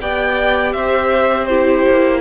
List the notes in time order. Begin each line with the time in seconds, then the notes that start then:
0.00 B3 G4 D5 G5
0.73 C4 C5 E5
1.46 E4 G4 C5
1.89 A#3